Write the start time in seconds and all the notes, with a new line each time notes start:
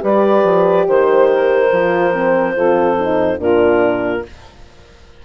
0.00 G3 G4 B4 D5
0.44 F3
0.87 D#3 C5
1.33 A#4
1.72 F3 F4
2.13 C4
2.55 F2 F4 A4
2.99 D#4
3.38 A#2 D4 F4 A#4